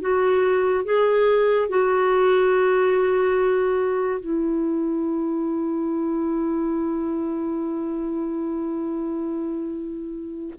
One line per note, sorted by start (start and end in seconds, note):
0.00 0.84 F#4
0.84 1.69 G#4
1.69 4.20 F#4
4.20 10.54 E4